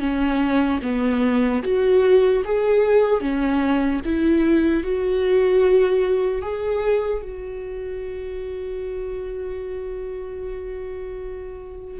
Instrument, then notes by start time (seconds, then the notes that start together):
viola
0.00 C#4
0.83 B3
1.63 F#4
2.44 G#4
3.21 C#4
4.05 E4
4.83 F#4
6.42 G#4
7.22 F#4